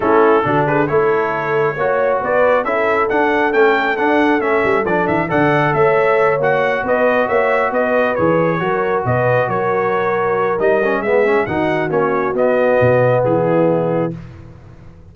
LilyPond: <<
  \new Staff \with { instrumentName = "trumpet" } { \time 4/4 \tempo 4 = 136 a'4. b'8 cis''2~ | cis''4 d''4 e''4 fis''4 | g''4 fis''4 e''4 d''8 e''8 | fis''4 e''4. fis''4 dis''8~ |
dis''8 e''4 dis''4 cis''4.~ | cis''8 dis''4 cis''2~ cis''8 | dis''4 e''4 fis''4 cis''4 | dis''2 gis'2 | }
  \new Staff \with { instrumentName = "horn" } { \time 4/4 e'4 fis'8 gis'8 a'2 | cis''4 b'4 a'2~ | a'1 | d''4 cis''2~ cis''8 b'8~ |
b'8 cis''4 b'2 ais'8~ | ais'8 b'4 ais'2~ ais'8~ | ais'4 gis'4 fis'2~ | fis'2 e'2 | }
  \new Staff \with { instrumentName = "trombone" } { \time 4/4 cis'4 d'4 e'2 | fis'2 e'4 d'4 | cis'4 d'4 cis'4 d'4 | a'2~ a'8 fis'4.~ |
fis'2~ fis'8 gis'4 fis'8~ | fis'1 | dis'8 cis'8 b8 cis'8 dis'4 cis'4 | b1 | }
  \new Staff \with { instrumentName = "tuba" } { \time 4/4 a4 d4 a2 | ais4 b4 cis'4 d'4 | a4 d'4 a8 g8 f8 e8 | d4 a4. ais4 b8~ |
b8 ais4 b4 e4 fis8~ | fis8 b,4 fis2~ fis8 | g4 gis4 dis4 ais4 | b4 b,4 e2 | }
>>